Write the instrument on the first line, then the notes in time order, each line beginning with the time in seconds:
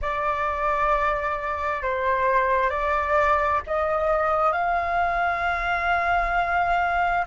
flute
0.01 D5
1.82 C5
2.70 D5
3.66 D#5
4.52 F5